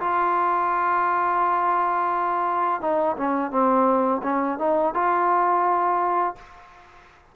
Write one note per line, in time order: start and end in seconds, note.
0.00 2.81 F4
2.81 3.16 D#4
3.17 3.51 C#4
3.51 4.22 C4
4.23 4.59 C#4
4.59 4.94 D#4
4.94 6.36 F4